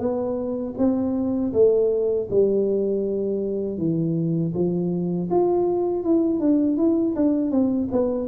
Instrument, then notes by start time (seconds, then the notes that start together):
tuba
0.00 B3
0.78 C4
1.54 A3
2.31 G3
3.78 E3
4.54 F3
5.31 F4
6.04 E4
6.40 D4
6.77 E4
7.17 D4
7.52 C4
7.92 B3